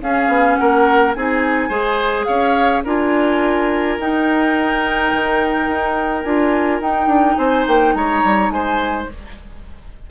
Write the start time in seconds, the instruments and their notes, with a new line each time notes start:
0.00 bassoon C#4, clarinet C#4, oboe G#4, flute F5
0.27 bassoon B3
0.55 bassoon A#3, oboe A#4, flute F#5
1.14 bassoon C4, clarinet D#4, oboe G#4, flute G#5
1.69 bassoon G#3, clarinet G#4, oboe C5
2.24 bassoon C#4, oboe C#5, flute F5
2.84 bassoon D4, clarinet F4, oboe A#4, flute G#5
3.98 bassoon D#4, clarinet D#4, flute G5
5.12 bassoon D#3
5.67 bassoon D#4
6.23 bassoon D4, clarinet F4, flute G#5
6.80 bassoon D#4, clarinet D#4, flute G5
7.06 bassoon D4
7.37 bassoon C4, oboe C5, flute G#5
7.67 bassoon A#3, flute G5
7.94 bassoon G#3, oboe C#5, flute A#5
8.24 bassoon G3
8.49 bassoon G#3, oboe C5, flute G#5